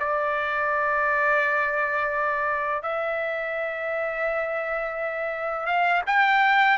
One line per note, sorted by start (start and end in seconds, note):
0.00 2.83 D5
2.83 5.67 E5
5.67 6.02 F5
6.07 6.78 G5